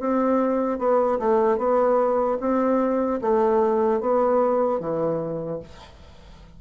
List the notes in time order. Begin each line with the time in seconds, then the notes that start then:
0.00 C4
0.79 B3
1.19 A3
1.58 B3
2.40 C4
3.22 A3
4.01 B3
4.80 E3